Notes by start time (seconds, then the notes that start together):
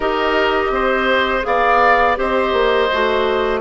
0.00 D#4 G4 A#4 D#5
0.70 C4 C5
1.42 B3 G#4 D5 F5
2.16 C4 G4 C5 D#5
2.52 A#3
2.92 A3 F#4